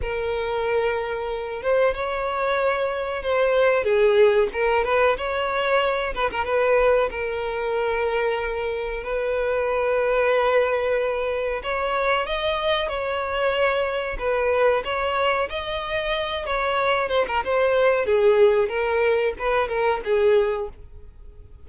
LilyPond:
\new Staff \with { instrumentName = "violin" } { \time 4/4 \tempo 4 = 93 ais'2~ ais'8 c''8 cis''4~ | cis''4 c''4 gis'4 ais'8 b'8 | cis''4. b'16 ais'16 b'4 ais'4~ | ais'2 b'2~ |
b'2 cis''4 dis''4 | cis''2 b'4 cis''4 | dis''4. cis''4 c''16 ais'16 c''4 | gis'4 ais'4 b'8 ais'8 gis'4 | }